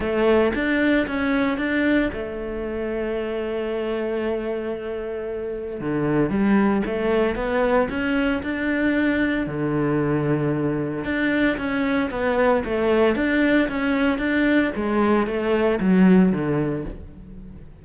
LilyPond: \new Staff \with { instrumentName = "cello" } { \time 4/4 \tempo 4 = 114 a4 d'4 cis'4 d'4 | a1~ | a2. d4 | g4 a4 b4 cis'4 |
d'2 d2~ | d4 d'4 cis'4 b4 | a4 d'4 cis'4 d'4 | gis4 a4 fis4 d4 | }